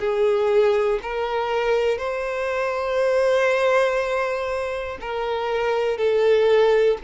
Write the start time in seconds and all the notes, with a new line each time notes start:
0.00 G#4
1.03 A#4
1.99 C5
5.01 A#4
5.98 A4